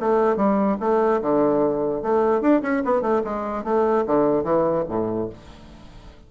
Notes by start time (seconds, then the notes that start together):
0.00 A3
0.36 G3
0.80 A3
1.22 D3
2.02 A3
2.41 D4
2.62 C#4
2.85 B3
3.01 A3
3.24 G#3
3.64 A3
4.06 D3
4.43 E3
4.88 A2